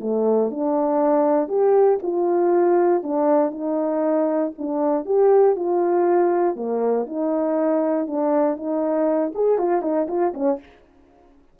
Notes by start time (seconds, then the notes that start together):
0.00 A3
0.50 D4
1.48 G4
2.02 F4
3.03 D4
3.51 D#4
4.58 D4
5.05 G4
5.56 F4
6.55 A#3
7.06 D#4
8.06 D4
8.56 D#4
9.34 G#4
9.58 F4
9.82 D#4
10.08 F4
10.33 C#4